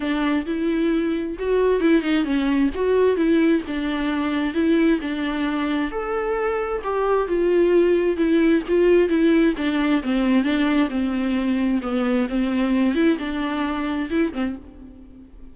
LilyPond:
\new Staff \with { instrumentName = "viola" } { \time 4/4 \tempo 4 = 132 d'4 e'2 fis'4 | e'8 dis'8 cis'4 fis'4 e'4 | d'2 e'4 d'4~ | d'4 a'2 g'4 |
f'2 e'4 f'4 | e'4 d'4 c'4 d'4 | c'2 b4 c'4~ | c'8 e'8 d'2 e'8 c'8 | }